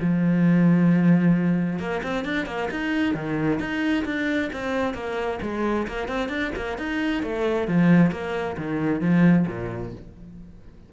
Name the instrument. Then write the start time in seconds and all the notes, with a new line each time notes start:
cello
0.00 F3
1.79 A#3
2.03 C4
2.25 D4
2.46 A#3
2.71 D#4
3.14 D#3
3.59 D#4
4.05 D4
4.53 C4
4.94 A#3
5.42 G#3
5.88 A#3
6.08 C4
6.29 D4
6.56 A#3
6.78 D#4
7.23 A3
7.68 F3
8.11 A#3
8.57 D#3
9.01 F3
9.47 A#2